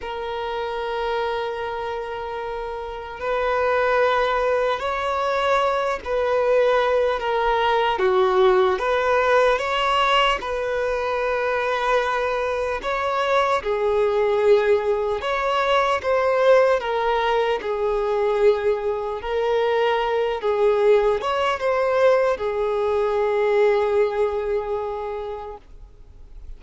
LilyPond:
\new Staff \with { instrumentName = "violin" } { \time 4/4 \tempo 4 = 75 ais'1 | b'2 cis''4. b'8~ | b'4 ais'4 fis'4 b'4 | cis''4 b'2. |
cis''4 gis'2 cis''4 | c''4 ais'4 gis'2 | ais'4. gis'4 cis''8 c''4 | gis'1 | }